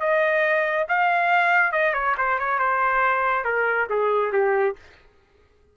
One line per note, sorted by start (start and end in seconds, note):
0.00 0.86 D#5
0.88 1.72 F5
1.72 1.94 D#5
1.94 2.15 C#5
2.17 2.39 C5
2.39 2.59 C#5
2.59 3.44 C5
3.44 3.88 A#4
3.89 4.32 G#4
4.32 4.76 G4